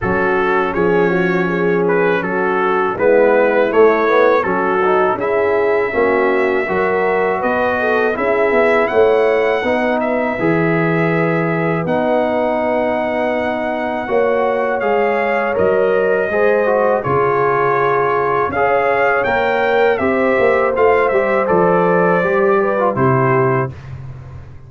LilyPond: <<
  \new Staff \with { instrumentName = "trumpet" } { \time 4/4 \tempo 4 = 81 a'4 cis''4. b'8 a'4 | b'4 cis''4 a'4 e''4~ | e''2 dis''4 e''4 | fis''4. e''2~ e''8 |
fis''1 | f''4 dis''2 cis''4~ | cis''4 f''4 g''4 e''4 | f''8 e''8 d''2 c''4 | }
  \new Staff \with { instrumentName = "horn" } { \time 4/4 fis'4 gis'8 fis'8 gis'4 fis'4 | e'2 fis'4 gis'4 | fis'4 ais'4 b'8 a'8 gis'4 | cis''4 b'2.~ |
b'2. cis''4~ | cis''2 c''4 gis'4~ | gis'4 cis''2 c''4~ | c''2~ c''8 b'8 g'4 | }
  \new Staff \with { instrumentName = "trombone" } { \time 4/4 cis'1 | b4 a8 b8 cis'8 dis'8 e'4 | cis'4 fis'2 e'4~ | e'4 dis'4 gis'2 |
dis'2. fis'4 | gis'4 ais'4 gis'8 fis'8 f'4~ | f'4 gis'4 ais'4 g'4 | f'8 g'8 a'4 g'8. f'16 e'4 | }
  \new Staff \with { instrumentName = "tuba" } { \time 4/4 fis4 f2 fis4 | gis4 a4 fis4 cis'4 | ais4 fis4 b4 cis'8 b8 | a4 b4 e2 |
b2. ais4 | gis4 fis4 gis4 cis4~ | cis4 cis'4 ais4 c'8 ais8 | a8 g8 f4 g4 c4 | }
>>